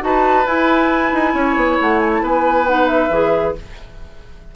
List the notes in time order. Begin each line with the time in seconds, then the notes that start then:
0.00 D#4 F#4 B4 A5
0.45 E4 G#5
1.12 D#4
1.33 C#4 C#5
1.55 B3
1.81 A3 F#5
1.99 G#5
2.13 A5
2.21 B3 B4 G#5
2.66 D#4 F#5
2.87 E5
3.10 E3 G#4